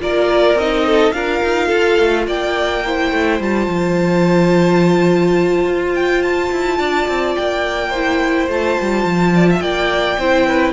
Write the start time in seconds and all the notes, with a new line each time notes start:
0.00 A#3 F4 A#4 D5
0.54 C4 D#4 D#5
0.86 A4
1.12 D4 F4 A#4 F5
1.43 D#4
1.67 F4 A4
1.99 A3
2.27 A#3 D5 G5
2.86 E4 C5
3.12 A3
3.40 G3 F4 A5
3.67 F3
5.65 F4
5.95 G5
6.22 A5
6.51 E4
6.79 D4 D5
7.08 C4
7.35 A#3 G5
7.89 C5
7.95 E4
8.48 A3 F4 A5
8.81 G3
9.04 F3
9.35 D5
9.50 E5
9.60 A#3 D5 G5
10.18 C4 E4 C5
10.47 B4